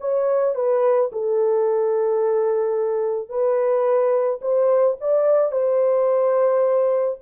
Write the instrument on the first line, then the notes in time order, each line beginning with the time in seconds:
horn
0.00 C#5
0.55 B4
1.12 A4
3.29 B4
4.41 C5
5.01 D5
5.52 C5